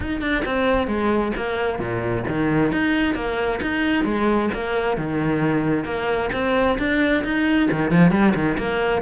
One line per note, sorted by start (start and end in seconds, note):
0.00 0.21 D#4
0.21 0.43 D4
0.45 0.87 C4
0.87 1.32 G#3
1.36 1.79 A#3
1.79 2.24 A#2
2.28 2.72 D#3
2.72 3.15 D#4
3.15 3.60 A#3
3.61 4.04 D#4
4.04 4.49 G#3
4.54 4.97 A#3
4.97 5.84 D#3
5.84 6.29 A#3
6.32 6.78 C4
6.78 7.23 D4
7.23 7.69 D#4
7.71 7.90 D#3
7.90 8.11 F3
8.11 8.33 G3
8.34 8.57 D#3
8.58 9.02 A#3